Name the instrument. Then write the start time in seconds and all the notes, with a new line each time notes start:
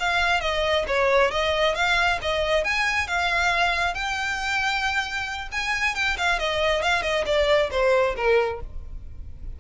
violin
0.00 F5
0.41 D#5
0.87 C#5
1.31 D#5
1.75 F5
2.22 D#5
2.64 G#5
3.08 F5
3.94 G5
5.52 G#5
5.95 G5
6.17 F5
6.39 D#5
6.82 F5
7.02 D#5
7.26 D5
7.71 C5
8.16 A#4